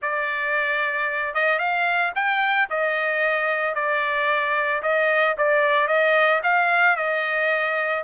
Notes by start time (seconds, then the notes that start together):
0.02 D5
1.34 D#5
1.59 F5
2.15 G5
2.69 D#5
3.74 D5
4.82 D#5
5.37 D5
5.87 D#5
6.43 F5
6.96 D#5